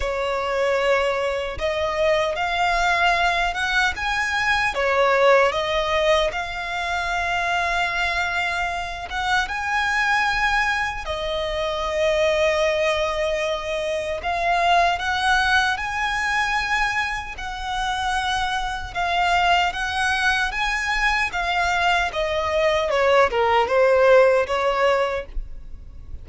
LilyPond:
\new Staff \with { instrumentName = "violin" } { \time 4/4 \tempo 4 = 76 cis''2 dis''4 f''4~ | f''8 fis''8 gis''4 cis''4 dis''4 | f''2.~ f''8 fis''8 | gis''2 dis''2~ |
dis''2 f''4 fis''4 | gis''2 fis''2 | f''4 fis''4 gis''4 f''4 | dis''4 cis''8 ais'8 c''4 cis''4 | }